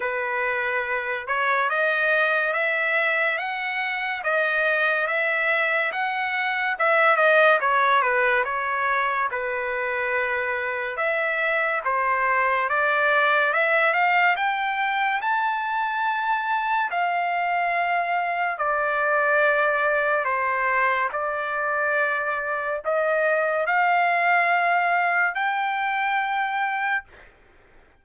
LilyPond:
\new Staff \with { instrumentName = "trumpet" } { \time 4/4 \tempo 4 = 71 b'4. cis''8 dis''4 e''4 | fis''4 dis''4 e''4 fis''4 | e''8 dis''8 cis''8 b'8 cis''4 b'4~ | b'4 e''4 c''4 d''4 |
e''8 f''8 g''4 a''2 | f''2 d''2 | c''4 d''2 dis''4 | f''2 g''2 | }